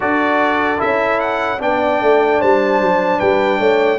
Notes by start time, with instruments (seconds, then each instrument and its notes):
0.00 tuba D4, trombone F#4, horn A4, trumpet D5
0.78 tuba C#4, trombone E4, trumpet E5
1.20 trumpet F#5
1.59 tuba B3, trombone D4, horn D5, trumpet G5
2.01 tuba A3
2.39 tuba G3, horn C5, trumpet A5
2.80 tuba F#3
3.18 tuba G3, horn B4, trumpet G5
3.59 tuba A3, horn C#5